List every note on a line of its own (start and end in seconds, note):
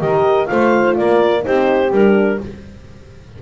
0.00 0.49 D#3
0.00 0.47 G4
0.00 0.48 A#4
0.00 0.47 D#5
0.47 0.99 A3
0.47 1.41 F4
0.47 0.97 C5
0.47 0.94 F5
0.97 1.47 A#3
0.97 1.44 A#4
0.97 1.44 D5
1.41 1.89 D#4
1.41 2.39 G4
1.41 1.92 C5
1.47 1.91 C4
1.91 2.39 G3
1.91 2.42 D4
1.91 2.41 A#4